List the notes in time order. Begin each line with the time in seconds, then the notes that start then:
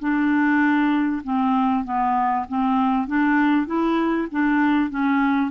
0.00 D4
1.24 C4
1.85 B3
2.49 C4
3.08 D4
3.67 E4
4.32 D4
4.90 C#4